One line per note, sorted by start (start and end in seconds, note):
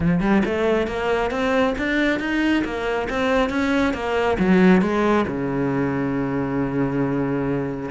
0.00 0.20 F3
0.20 0.42 G3
0.45 0.87 A3
0.87 1.30 A#3
1.30 1.74 C4
1.78 2.19 D4
2.19 2.63 D#4
2.64 3.08 A#3
3.09 3.49 C4
3.49 3.93 C#4
3.93 4.37 A#3
4.38 4.81 F#3
4.81 5.25 G#3
5.27 7.90 C#3